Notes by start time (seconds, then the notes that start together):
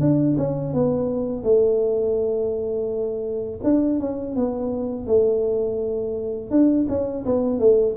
0.00 D4
0.37 C#4
0.73 B3
1.43 A3
3.63 D4
3.99 C#4
4.35 B3
5.07 A3
6.50 D4
6.88 C#4
7.25 B3
7.59 A3